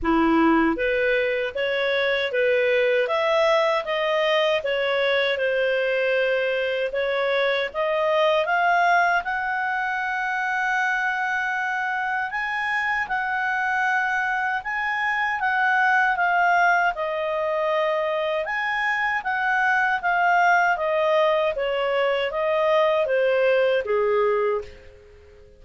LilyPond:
\new Staff \with { instrumentName = "clarinet" } { \time 4/4 \tempo 4 = 78 e'4 b'4 cis''4 b'4 | e''4 dis''4 cis''4 c''4~ | c''4 cis''4 dis''4 f''4 | fis''1 |
gis''4 fis''2 gis''4 | fis''4 f''4 dis''2 | gis''4 fis''4 f''4 dis''4 | cis''4 dis''4 c''4 gis'4 | }